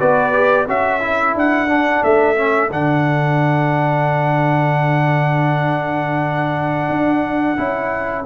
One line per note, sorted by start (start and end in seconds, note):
0.00 0.68 B3
0.00 0.32 F#4
0.00 0.66 B4
0.00 0.68 D5
0.32 0.66 G4
0.66 1.35 C#4
0.66 1.01 F#4
0.66 8.25 A4
0.66 1.37 E5
1.01 1.68 E4
1.35 2.03 D4
1.35 2.04 F#5
1.68 2.35 D4
2.04 2.71 A3
2.04 2.71 E5
2.36 2.70 C#4
2.71 6.90 D3
2.71 7.57 D4
2.71 8.26 F#5
6.90 7.57 D4
7.57 8.26 C#4
7.57 8.25 E4